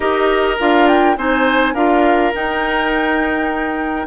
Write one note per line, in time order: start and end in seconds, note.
0.00 0.57 D#4
0.00 0.57 G4
0.00 1.16 A#4
0.00 0.58 D#5
0.59 1.17 D4
0.59 1.16 F4
0.59 0.87 F5
0.87 1.17 G5
1.16 1.74 C4
1.16 1.75 D#4
1.16 1.73 C5
1.16 1.74 G#5
1.73 2.32 D4
1.73 2.33 F4
1.73 4.06 A#4
1.73 2.33 F5
2.33 4.06 D#4
2.33 4.06 G5